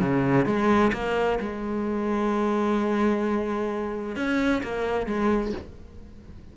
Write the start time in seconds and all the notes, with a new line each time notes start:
0.00 C#3
0.46 G#3
0.93 A#3
1.40 G#3
4.16 C#4
4.63 A#3
5.06 G#3